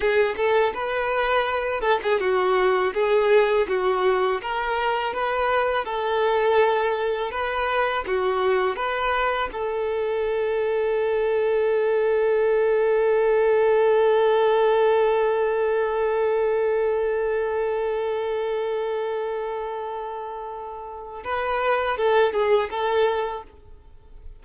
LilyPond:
\new Staff \with { instrumentName = "violin" } { \time 4/4 \tempo 4 = 82 gis'8 a'8 b'4. a'16 gis'16 fis'4 | gis'4 fis'4 ais'4 b'4 | a'2 b'4 fis'4 | b'4 a'2.~ |
a'1~ | a'1~ | a'1~ | a'4 b'4 a'8 gis'8 a'4 | }